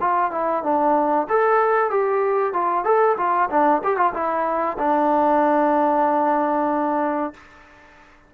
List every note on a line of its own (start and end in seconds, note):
0.00 0.31 F4
0.31 0.63 E4
0.63 1.27 D4
1.29 1.90 A4
1.90 2.53 G4
2.53 2.84 F4
2.84 3.16 A4
3.17 3.49 F4
3.50 3.82 D4
3.83 3.96 G4
3.96 4.12 F4
4.13 4.77 E4
4.78 7.33 D4